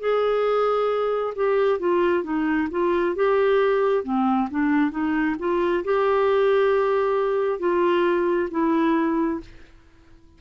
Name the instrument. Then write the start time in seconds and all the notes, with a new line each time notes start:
clarinet
0.00 G#4
1.36 G4
1.80 F4
2.24 D#4
2.72 F4
3.16 G4
4.04 C4
4.51 D4
4.91 D#4
5.39 F4
5.85 G4
7.60 F4
8.51 E4